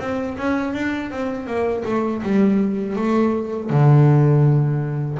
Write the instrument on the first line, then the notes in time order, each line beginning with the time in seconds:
double bass
0.00 C4
0.38 C#4
0.74 D4
1.11 C4
1.47 A#3
1.86 A3
2.23 G3
2.97 A3
3.70 D3